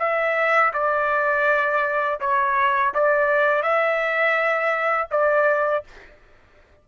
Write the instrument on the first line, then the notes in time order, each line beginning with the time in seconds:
trumpet
0.00 E5
0.74 D5
2.21 C#5
2.95 D5
3.63 E5
5.12 D5